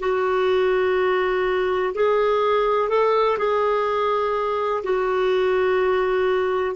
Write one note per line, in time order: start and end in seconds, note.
0.00 1.94 F#4
1.95 2.89 G#4
2.89 3.38 A4
3.38 4.83 G#4
4.84 6.76 F#4